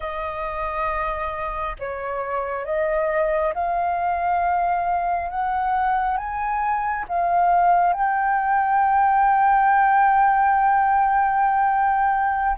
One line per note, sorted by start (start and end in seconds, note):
0.00 1.76 D#5
1.79 2.65 C#5
2.65 3.53 D#5
3.54 5.29 F5
5.29 6.17 F#5
6.17 7.05 G#5
7.08 7.93 F5
7.93 12.56 G5